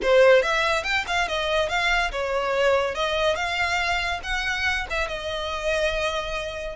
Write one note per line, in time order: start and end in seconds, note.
0.02 0.42 C5
0.42 0.83 E5
0.83 1.04 G5
1.07 1.28 F5
1.28 1.68 D#5
1.68 2.11 F5
2.11 2.94 C#5
2.94 3.35 D#5
3.35 4.20 F5
4.23 4.86 F#5
4.90 5.08 E5
5.08 6.75 D#5